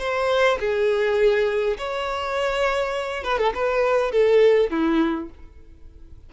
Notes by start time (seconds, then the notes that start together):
0.00 C5
0.60 G#4
1.78 C#5
3.24 B4
3.39 A4
3.55 B4
4.12 A4
4.71 E4